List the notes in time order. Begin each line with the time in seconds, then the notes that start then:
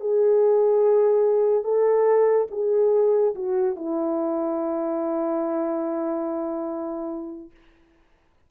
0.00 G#4
1.64 A4
2.51 G#4
3.35 F#4
3.76 E4